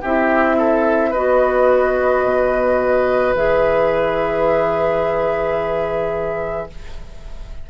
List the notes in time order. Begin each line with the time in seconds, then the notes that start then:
0.00 C4 E4 G4 E5
0.57 A4
1.10 B3 F#4 B4 D#5
2.23 B2
3.34 E3 G#4 E5